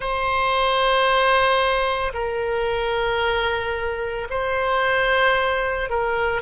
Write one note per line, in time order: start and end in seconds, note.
0.00 2.12 C5
2.13 4.28 A#4
4.30 5.89 C5
5.89 6.41 A#4